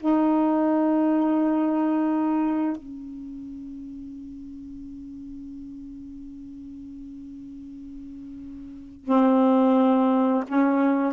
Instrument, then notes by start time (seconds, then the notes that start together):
saxophone
0.00 D#4
2.77 C#4
9.04 C4
10.48 C#4